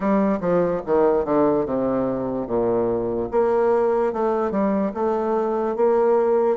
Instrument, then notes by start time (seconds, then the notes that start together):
bassoon
0.00 G3
0.40 F3
0.86 D#3
1.24 D3
1.65 C3
2.47 A#2
3.31 A#3
4.12 A3
4.51 G3
4.94 A3
5.75 A#3